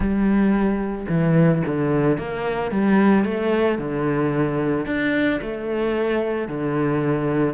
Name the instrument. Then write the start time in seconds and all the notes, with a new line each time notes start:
cello
0.00 G3
1.08 E3
1.66 D3
2.18 A#3
2.71 G3
3.24 A3
3.78 D3
4.86 D4
5.41 A3
6.48 D3